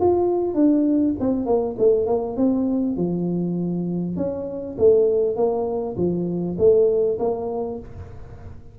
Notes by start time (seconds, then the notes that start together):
0.00 F4
0.54 D4
1.19 C4
1.46 A#3
1.78 A3
2.06 A#3
2.36 C4
2.97 F3
4.16 C#4
4.78 A3
5.36 A#3
5.96 F3
6.58 A3
7.19 A#3